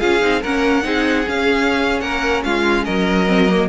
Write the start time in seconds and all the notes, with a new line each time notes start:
0.00 C#4 F4 G#4 F5
0.21 C4 D#4
0.42 A#3 C#4 A#4 F#5
0.84 C4 D#4 G#4
1.27 C#4 F5
2.01 A#3 A#4 F#5
2.44 G#3 F4 F5
2.85 F#3 A#4 D#5
3.28 C4
3.50 A#3